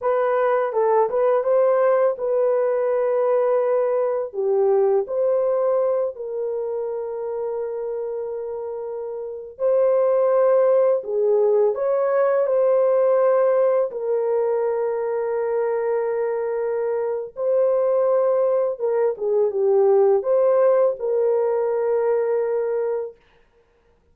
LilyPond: \new Staff \with { instrumentName = "horn" } { \time 4/4 \tempo 4 = 83 b'4 a'8 b'8 c''4 b'4~ | b'2 g'4 c''4~ | c''8 ais'2.~ ais'8~ | ais'4~ ais'16 c''2 gis'8.~ |
gis'16 cis''4 c''2 ais'8.~ | ais'1 | c''2 ais'8 gis'8 g'4 | c''4 ais'2. | }